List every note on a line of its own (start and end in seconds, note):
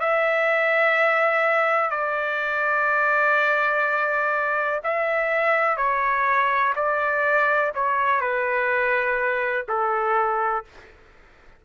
0.00 1.90 E5
1.90 4.81 D5
4.84 5.77 E5
5.77 6.73 C#5
6.76 7.72 D5
7.75 8.21 C#5
8.21 9.66 B4
9.68 10.65 A4